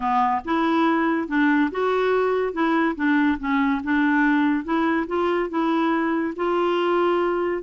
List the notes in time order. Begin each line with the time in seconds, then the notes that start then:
0.00 B3
0.44 E4
1.28 D4
1.71 F#4
2.53 E4
2.95 D4
3.39 C#4
3.83 D4
4.64 E4
5.07 F4
5.49 E4
6.36 F4